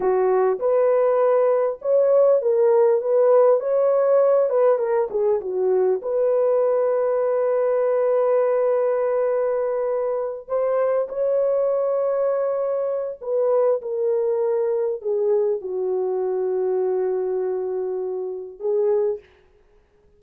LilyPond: \new Staff \with { instrumentName = "horn" } { \time 4/4 \tempo 4 = 100 fis'4 b'2 cis''4 | ais'4 b'4 cis''4. b'8 | ais'8 gis'8 fis'4 b'2~ | b'1~ |
b'4. c''4 cis''4.~ | cis''2 b'4 ais'4~ | ais'4 gis'4 fis'2~ | fis'2. gis'4 | }